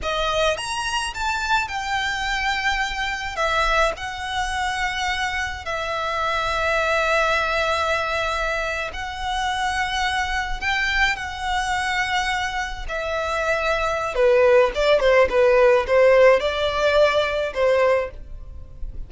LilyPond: \new Staff \with { instrumentName = "violin" } { \time 4/4 \tempo 4 = 106 dis''4 ais''4 a''4 g''4~ | g''2 e''4 fis''4~ | fis''2 e''2~ | e''2.~ e''8. fis''16~ |
fis''2~ fis''8. g''4 fis''16~ | fis''2~ fis''8. e''4~ e''16~ | e''4 b'4 d''8 c''8 b'4 | c''4 d''2 c''4 | }